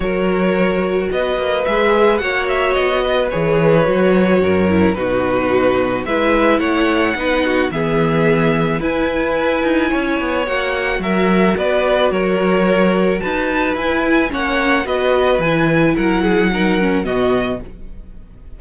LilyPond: <<
  \new Staff \with { instrumentName = "violin" } { \time 4/4 \tempo 4 = 109 cis''2 dis''4 e''4 | fis''8 e''8 dis''4 cis''2~ | cis''4 b'2 e''4 | fis''2 e''2 |
gis''2. fis''4 | e''4 d''4 cis''2 | a''4 gis''4 fis''4 dis''4 | gis''4 fis''2 dis''4 | }
  \new Staff \with { instrumentName = "violin" } { \time 4/4 ais'2 b'2 | cis''4. b'2~ b'8 | ais'4 fis'2 b'4 | cis''4 b'8 fis'8 gis'2 |
b'2 cis''2 | ais'4 b'4 ais'2 | b'2 cis''4 b'4~ | b'4 ais'8 gis'8 ais'4 fis'4 | }
  \new Staff \with { instrumentName = "viola" } { \time 4/4 fis'2. gis'4 | fis'2 gis'4 fis'4~ | fis'8 e'8 dis'2 e'4~ | e'4 dis'4 b2 |
e'2. fis'4~ | fis'1~ | fis'4 e'4 cis'4 fis'4 | e'2 dis'8 cis'8 b4 | }
  \new Staff \with { instrumentName = "cello" } { \time 4/4 fis2 b8 ais8 gis4 | ais4 b4 e4 fis4 | fis,4 b,2 gis4 | a4 b4 e2 |
e'4. dis'8 cis'8 b8 ais4 | fis4 b4 fis2 | dis'4 e'4 ais4 b4 | e4 fis2 b,4 | }
>>